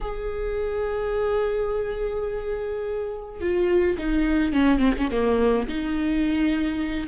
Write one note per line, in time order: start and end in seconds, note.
0.01 3.40 G#4
3.40 3.97 F4
3.98 4.53 D#4
4.53 4.79 C#4
4.79 4.93 C4
4.98 5.11 C#4
5.11 5.67 A#3
5.68 7.07 D#4